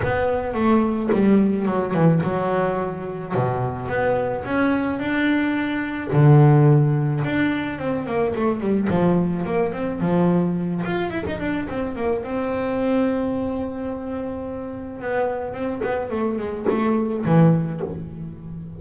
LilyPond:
\new Staff \with { instrumentName = "double bass" } { \time 4/4 \tempo 4 = 108 b4 a4 g4 fis8 e8 | fis2 b,4 b4 | cis'4 d'2 d4~ | d4 d'4 c'8 ais8 a8 g8 |
f4 ais8 c'8 f4. f'8 | e'16 dis'16 d'8 c'8 ais8 c'2~ | c'2. b4 | c'8 b8 a8 gis8 a4 e4 | }